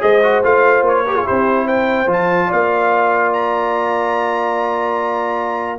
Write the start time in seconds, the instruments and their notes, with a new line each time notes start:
0.00 tuba G#3, trombone G#4, horn C5, trumpet D#5
0.23 trombone F#4
0.44 tuba A3, trombone F4, trumpet F5
0.82 tuba A#3, trumpet C#5
1.06 trombone G4, horn A#4
1.15 trombone F4, horn G#4
1.25 tuba C4, trombone E4, horn G4, trumpet C5
1.66 horn C5, trumpet G5
2.07 tuba F3, trombone F4, trumpet A5
2.47 tuba A#3, horn D5, trumpet F5
3.33 trumpet A#5